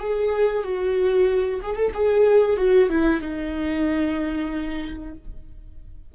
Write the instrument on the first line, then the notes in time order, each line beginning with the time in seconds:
viola
0.00 G#4
0.64 F#4
1.62 G#4
1.76 A4
1.94 G#4
2.57 F#4
2.90 E4
3.21 D#4